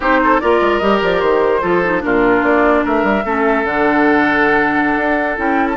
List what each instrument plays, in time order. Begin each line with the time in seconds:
0.00 bassoon C4, clarinet D#4, oboe G4, flute C5
0.23 oboe A4
0.40 bassoon A#3, clarinet F4, oboe A#4, flute D5
0.60 bassoon G#3
0.78 bassoon G3, clarinet G4, flute D#5
1.02 bassoon F3, flute D5
1.20 bassoon D#3, flute C5
1.61 bassoon F3, clarinet F4, oboe A4
1.84 clarinet D#4
1.99 bassoon A#2, clarinet D4, oboe F4, flute A#4
2.42 bassoon A#3, flute D5
2.84 bassoon A3, oboe A#4, flute E5
3.03 bassoon G3
3.24 bassoon A3, clarinet C#4, oboe A4
3.64 bassoon D3, clarinet D4, flute F#5
4.96 bassoon D4
5.36 bassoon C#4, clarinet E4, flute G5
5.69 flute A5